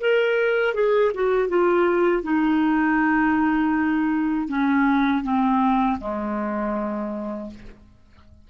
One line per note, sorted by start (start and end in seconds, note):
0.00 0.74 A#4
0.74 1.12 G#4
1.14 1.48 F#4
1.48 2.23 F4
2.23 4.48 D#4
4.48 5.23 C#4
5.23 5.98 C4
6.00 7.50 G#3